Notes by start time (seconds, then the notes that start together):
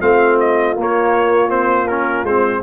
0.00 A3 C4 F4 F5
0.40 D#5
0.77 A#3 C#5
1.49 C4 C5
1.88 C#4 A#4
2.24 G#3 C4 C5